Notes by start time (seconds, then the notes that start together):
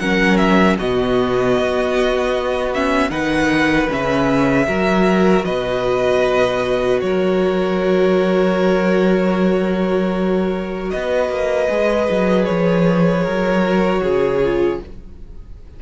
0.00 F#3 C#4 A#4 F#5
0.37 E5
0.78 B2 B3 F#4 D#5
1.59 B3
2.74 C#4 E5
3.10 D#3 D#4 B4 F#5
3.89 C#3 C#4 E5
4.67 F#3 F#4 A#4
5.45 B2 B4 D#5
7.01 F#3 A#4 C#5
10.91 B3 B4 D#5
11.30 A#3
11.69 G#3 G#4
12.11 F#3
12.46 F3 C#5
13.24 F#3 A#4
13.65 F#4
14.02 C#3 G#4
14.44 F4